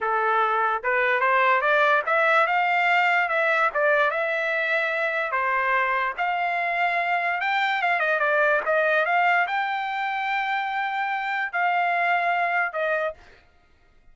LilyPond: \new Staff \with { instrumentName = "trumpet" } { \time 4/4 \tempo 4 = 146 a'2 b'4 c''4 | d''4 e''4 f''2 | e''4 d''4 e''2~ | e''4 c''2 f''4~ |
f''2 g''4 f''8 dis''8 | d''4 dis''4 f''4 g''4~ | g''1 | f''2. dis''4 | }